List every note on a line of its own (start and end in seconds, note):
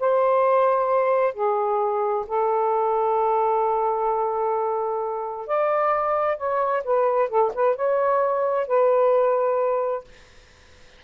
0.00 1.34 C5
1.34 2.26 G#4
2.27 5.47 A4
5.47 6.38 D5
6.38 6.83 C#5
6.84 7.29 B4
7.29 7.52 A4
7.54 7.76 B4
7.76 8.67 C#5
8.67 10.05 B4